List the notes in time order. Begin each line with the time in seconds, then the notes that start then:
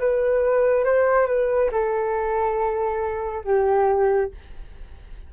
0.00 B4
0.85 C5
1.27 B4
1.72 A4
3.45 G4